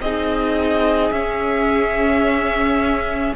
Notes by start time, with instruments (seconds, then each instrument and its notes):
0.00 cello C4, viola D#4, violin G#4 D#5
1.11 cello C#4, viola C#4, violin E5